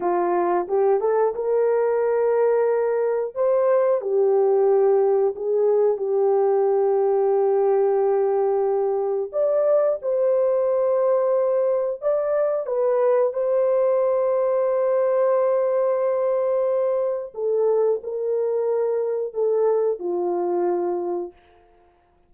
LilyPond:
\new Staff \with { instrumentName = "horn" } { \time 4/4 \tempo 4 = 90 f'4 g'8 a'8 ais'2~ | ais'4 c''4 g'2 | gis'4 g'2.~ | g'2 d''4 c''4~ |
c''2 d''4 b'4 | c''1~ | c''2 a'4 ais'4~ | ais'4 a'4 f'2 | }